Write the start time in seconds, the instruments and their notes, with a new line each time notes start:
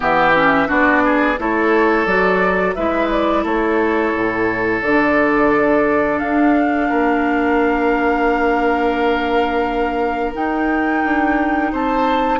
0.00 bassoon E3, clarinet B3, oboe G4, flute E5
0.35 clarinet C#4
0.66 bassoon B3, clarinet D4, oboe F#4, flute D5
1.05 oboe G#4
1.38 bassoon A3, clarinet E4, oboe A4, flute C#5
2.05 bassoon F#3, clarinet F#4, flute D5
2.74 bassoon G#3, clarinet E4, oboe B4, flute E5
3.10 flute D5
3.43 bassoon A3, oboe A4, flute C#5
4.13 bassoon A2
4.81 bassoon D3, flute D5
4.87 clarinet D4
6.18 bassoon D4, flute F5
6.89 bassoon A#3, oboe A#4
10.33 clarinet D#4, bassoon D#4, flute G5
11.03 bassoon D4
11.72 bassoon C4, oboe C5, flute A5